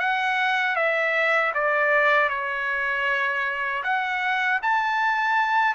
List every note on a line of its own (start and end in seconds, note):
0.00 0.76 F#5
0.76 1.53 E5
1.54 2.29 D5
2.29 3.83 C#5
3.84 4.61 F#5
4.63 5.75 A5